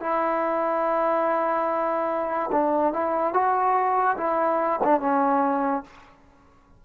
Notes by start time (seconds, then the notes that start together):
0.00 E4
2.51 D4
2.93 E4
3.33 F#4
4.17 E4
4.84 D4
5.00 C#4